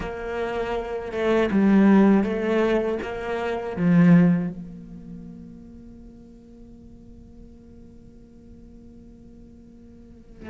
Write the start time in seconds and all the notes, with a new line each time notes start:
0.00 A#3
1.12 A3
1.51 G3
2.23 A3
3.02 A#3
3.76 F3
4.49 A#3